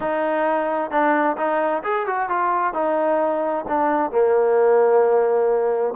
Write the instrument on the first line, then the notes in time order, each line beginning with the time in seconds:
trombone
0.00 D#4
0.90 D4
1.37 D#4
1.83 G#4
2.06 F#4
2.29 F4
2.73 D#4
3.67 D4
4.11 A#3